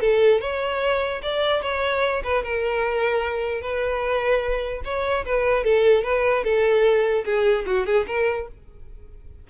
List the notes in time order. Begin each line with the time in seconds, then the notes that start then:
0.00 A4
0.40 C#5
1.22 D5
1.62 C#5
2.23 B4
2.43 A#4
3.61 B4
4.84 C#5
5.25 B4
5.64 A4
6.03 B4
6.43 A4
7.24 G#4
7.66 F#4
7.85 G#4
8.07 A#4